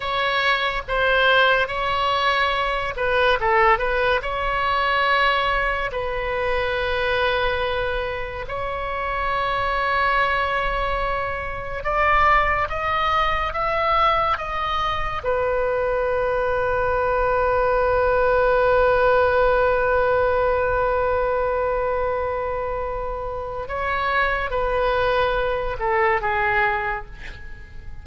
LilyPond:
\new Staff \with { instrumentName = "oboe" } { \time 4/4 \tempo 4 = 71 cis''4 c''4 cis''4. b'8 | a'8 b'8 cis''2 b'4~ | b'2 cis''2~ | cis''2 d''4 dis''4 |
e''4 dis''4 b'2~ | b'1~ | b'1 | cis''4 b'4. a'8 gis'4 | }